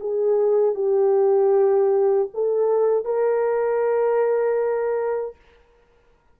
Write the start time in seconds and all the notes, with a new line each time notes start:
0.00 G#4
0.74 G4
2.34 A4
3.05 A#4